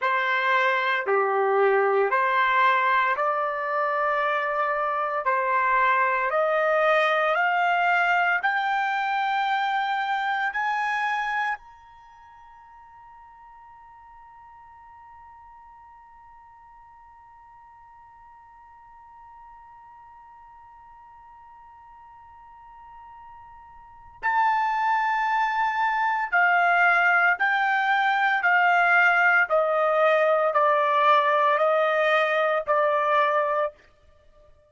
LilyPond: \new Staff \with { instrumentName = "trumpet" } { \time 4/4 \tempo 4 = 57 c''4 g'4 c''4 d''4~ | d''4 c''4 dis''4 f''4 | g''2 gis''4 ais''4~ | ais''1~ |
ais''1~ | ais''2. a''4~ | a''4 f''4 g''4 f''4 | dis''4 d''4 dis''4 d''4 | }